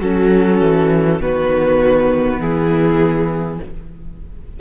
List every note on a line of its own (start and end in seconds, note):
0.00 0.61 F#3
0.00 1.22 C#4
0.00 1.20 F#4
0.00 1.22 A4
0.61 1.21 E3
1.20 2.39 D#3
1.20 3.60 B3
1.20 2.41 F#4
1.20 2.40 B4
2.39 3.59 E3
2.39 3.61 E4
2.39 3.60 G#4